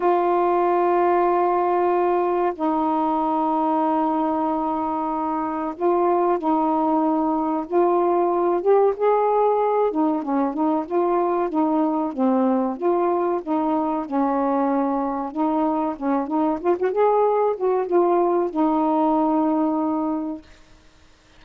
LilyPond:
\new Staff \with { instrumentName = "saxophone" } { \time 4/4 \tempo 4 = 94 f'1 | dis'1~ | dis'4 f'4 dis'2 | f'4. g'8 gis'4. dis'8 |
cis'8 dis'8 f'4 dis'4 c'4 | f'4 dis'4 cis'2 | dis'4 cis'8 dis'8 f'16 fis'16 gis'4 fis'8 | f'4 dis'2. | }